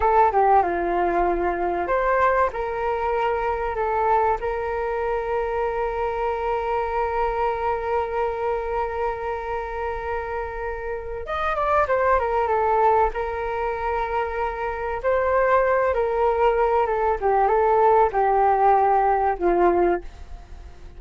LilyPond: \new Staff \with { instrumentName = "flute" } { \time 4/4 \tempo 4 = 96 a'8 g'8 f'2 c''4 | ais'2 a'4 ais'4~ | ais'1~ | ais'1~ |
ais'2 dis''8 d''8 c''8 ais'8 | a'4 ais'2. | c''4. ais'4. a'8 g'8 | a'4 g'2 f'4 | }